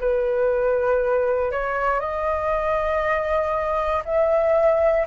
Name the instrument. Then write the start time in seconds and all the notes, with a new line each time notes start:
flute
0.00 B4
1.51 C#5
2.00 D#5
4.05 E5